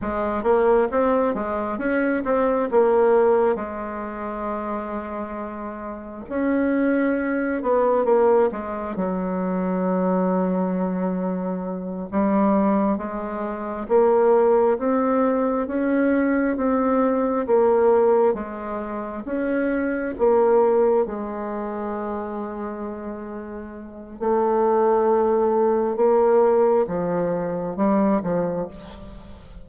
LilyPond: \new Staff \with { instrumentName = "bassoon" } { \time 4/4 \tempo 4 = 67 gis8 ais8 c'8 gis8 cis'8 c'8 ais4 | gis2. cis'4~ | cis'8 b8 ais8 gis8 fis2~ | fis4. g4 gis4 ais8~ |
ais8 c'4 cis'4 c'4 ais8~ | ais8 gis4 cis'4 ais4 gis8~ | gis2. a4~ | a4 ais4 f4 g8 f8 | }